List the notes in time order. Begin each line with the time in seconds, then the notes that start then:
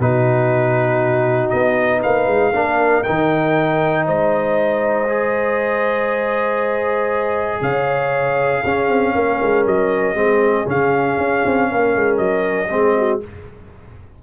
0.00 B2 D#4 F#4 B4
1.50 B3 D#5
2.01 A#3 B4 F5
2.27 G#3
2.53 A#3 D4 A#4
3.04 D#3 D#4 G5
4.06 G#3 C5 D#5
5.09 G#4
7.62 C#3 C#5 F5
8.62 C#4 G#4
8.89 C4
9.16 A#3 A#4
9.42 G#3
9.66 F#3 D#5
10.15 G#3 C4 G#4
10.66 C#3 C#4 F5
11.18 C#4
11.47 C4
11.72 A#3 A#4
11.96 G#3
12.18 F#3 D#5
12.69 G#3 C4 G#4
12.98 F#4